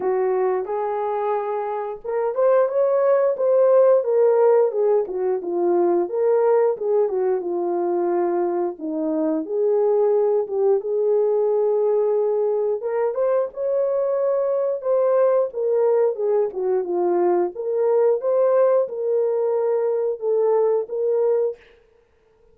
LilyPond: \new Staff \with { instrumentName = "horn" } { \time 4/4 \tempo 4 = 89 fis'4 gis'2 ais'8 c''8 | cis''4 c''4 ais'4 gis'8 fis'8 | f'4 ais'4 gis'8 fis'8 f'4~ | f'4 dis'4 gis'4. g'8 |
gis'2. ais'8 c''8 | cis''2 c''4 ais'4 | gis'8 fis'8 f'4 ais'4 c''4 | ais'2 a'4 ais'4 | }